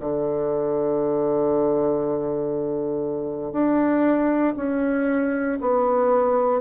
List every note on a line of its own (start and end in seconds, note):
0.00 3.53 D3
3.53 4.54 D4
4.57 5.58 C#4
5.61 6.61 B3